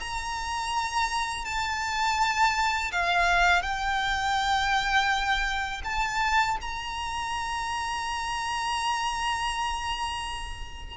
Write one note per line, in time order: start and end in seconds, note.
0.00 1.45 A#5
1.45 2.91 A5
2.92 3.62 F5
3.62 5.82 G5
5.84 6.57 A5
6.62 10.97 A#5